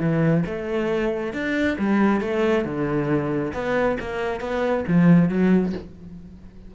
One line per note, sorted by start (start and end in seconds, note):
0.00 0.44 E3
0.46 1.33 A3
1.33 1.77 D4
1.78 2.21 G3
2.21 2.65 A3
2.65 3.53 D3
3.54 3.98 B3
4.00 4.40 A#3
4.40 4.84 B3
4.88 5.29 F3
5.29 5.73 F#3